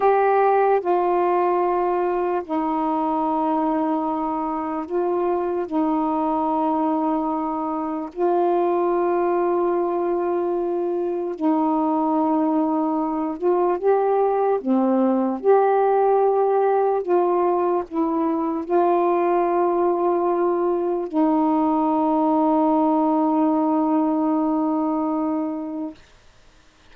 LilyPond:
\new Staff \with { instrumentName = "saxophone" } { \time 4/4 \tempo 4 = 74 g'4 f'2 dis'4~ | dis'2 f'4 dis'4~ | dis'2 f'2~ | f'2 dis'2~ |
dis'8 f'8 g'4 c'4 g'4~ | g'4 f'4 e'4 f'4~ | f'2 dis'2~ | dis'1 | }